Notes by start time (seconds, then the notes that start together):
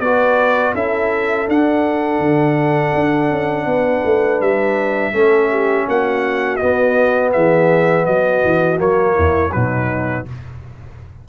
0.00 B3 F#4 B4 D5
0.74 C#4 E4 A4 E5
1.48 D4 F#5
2.19 D3
2.94 D4
3.31 C#4
3.66 B3 B4
4.05 A3
4.41 G3 E5
5.13 A3 C#4 A4
5.50 G4
5.87 A#3 F#4 F#5
6.57 B3 D#5
7.33 E3 G#4 E5
8.06 F#3 F#4 D#5
8.45 E3
8.77 F#3 A#3 C#5
9.15 E2 E4
9.52 B2 F#3 D#4 B4